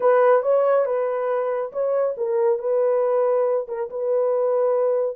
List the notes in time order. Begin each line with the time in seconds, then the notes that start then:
0.00 B4
0.42 C#5
0.85 B4
1.72 C#5
2.17 A#4
2.59 B4
3.68 A#4
3.90 B4